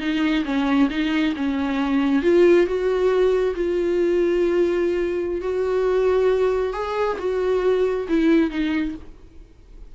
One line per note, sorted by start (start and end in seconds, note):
0.00 0.44 D#4
0.45 0.89 C#4
0.90 1.34 D#4
1.36 2.22 C#4
2.22 2.66 F4
2.66 3.55 F#4
3.55 5.41 F4
5.41 6.73 F#4
6.73 7.18 G#4
7.19 8.07 F#4
8.09 8.50 E4
8.50 8.95 D#4